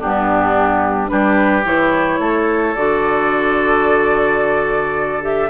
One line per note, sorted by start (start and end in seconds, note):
0.00 1.11 G2
0.00 1.07 B3
0.00 1.10 D4
0.00 1.09 G4
1.07 1.65 G3
1.07 1.62 D4
1.07 2.20 G4
1.07 1.64 B4
1.65 2.19 E3
1.65 2.75 E4
1.65 2.75 C#5
2.19 2.75 A3
2.19 5.50 A4
2.75 5.50 D3
2.75 5.22 F#4
2.75 5.23 D5
5.22 5.49 G4
5.22 5.50 E5